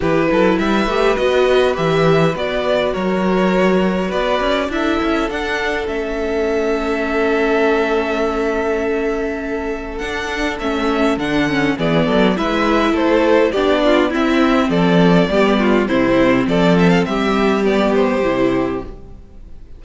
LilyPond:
<<
  \new Staff \with { instrumentName = "violin" } { \time 4/4 \tempo 4 = 102 b'4 e''4 dis''4 e''4 | d''4 cis''2 d''4 | e''4 fis''4 e''2~ | e''1~ |
e''4 fis''4 e''4 fis''4 | d''4 e''4 c''4 d''4 | e''4 d''2 c''4 | d''8 e''16 f''16 e''4 d''8 c''4. | }
  \new Staff \with { instrumentName = "violin" } { \time 4/4 g'8 a'8 b'2.~ | b'4 ais'2 b'4 | a'1~ | a'1~ |
a'1 | gis'8 a'8 b'4 a'4 g'8 f'8 | e'4 a'4 g'8 f'8 e'4 | a'4 g'2. | }
  \new Staff \with { instrumentName = "viola" } { \time 4/4 e'4. g'8 fis'4 g'4 | fis'1 | e'4 d'4 cis'2~ | cis'1~ |
cis'4 d'4 cis'4 d'8 cis'8 | b4 e'2 d'4 | c'2 b4 c'4~ | c'2 b4 e'4 | }
  \new Staff \with { instrumentName = "cello" } { \time 4/4 e8 fis8 g8 a8 b4 e4 | b4 fis2 b8 cis'8 | d'8 cis'8 d'4 a2~ | a1~ |
a4 d'4 a4 d4 | e8 fis8 gis4 a4 b4 | c'4 f4 g4 c4 | f4 g2 c4 | }
>>